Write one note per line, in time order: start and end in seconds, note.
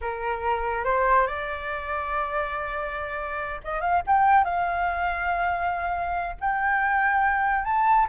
0.01 0.84 A#4
0.84 1.26 C5
1.26 3.61 D5
3.63 3.80 D#5
3.80 4.02 F5
4.07 4.44 G5
4.44 6.36 F5
6.40 7.64 G5
7.64 8.06 A5